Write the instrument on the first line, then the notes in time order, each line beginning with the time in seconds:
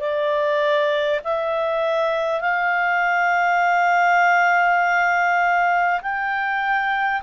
clarinet
0.00 D5
1.24 E5
2.41 F5
6.02 G5